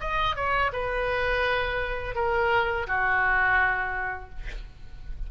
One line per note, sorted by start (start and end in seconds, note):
0.00 0.36 D#5
0.36 0.71 C#5
0.72 2.15 B4
2.15 2.86 A#4
2.87 4.30 F#4